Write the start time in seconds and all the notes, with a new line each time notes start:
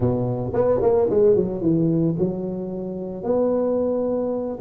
0.00 B2
0.53 B3
0.81 A#3
1.10 G#3
1.35 F#3
1.61 E3
2.18 F#3
3.23 B3